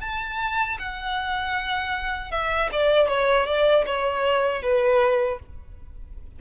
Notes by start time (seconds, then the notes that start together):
0.00 A5
0.78 F#5
2.31 E5
2.72 D5
3.08 C#5
3.46 D5
3.86 C#5
4.62 B4